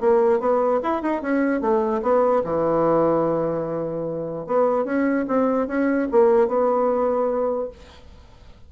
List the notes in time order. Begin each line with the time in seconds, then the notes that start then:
0.00 A#3
0.40 B3
0.83 E4
1.02 D#4
1.22 C#4
1.61 A3
2.02 B3
2.44 E3
4.46 B3
4.85 C#4
5.28 C4
5.67 C#4
6.11 A#3
6.48 B3